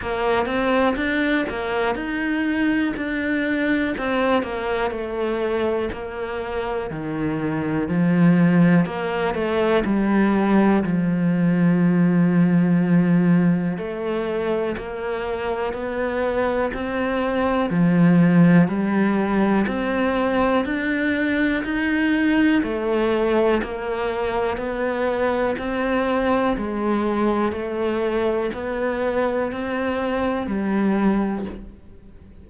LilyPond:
\new Staff \with { instrumentName = "cello" } { \time 4/4 \tempo 4 = 61 ais8 c'8 d'8 ais8 dis'4 d'4 | c'8 ais8 a4 ais4 dis4 | f4 ais8 a8 g4 f4~ | f2 a4 ais4 |
b4 c'4 f4 g4 | c'4 d'4 dis'4 a4 | ais4 b4 c'4 gis4 | a4 b4 c'4 g4 | }